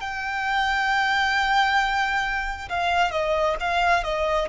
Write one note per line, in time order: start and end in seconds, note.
0.00 2.69 G5
2.69 3.11 F5
3.11 3.56 D#5
3.60 4.04 F5
4.04 4.49 D#5